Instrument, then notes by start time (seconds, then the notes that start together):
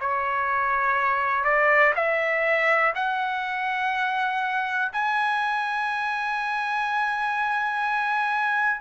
trumpet
0.00 C#5
1.44 D5
1.95 E5
2.95 F#5
4.93 G#5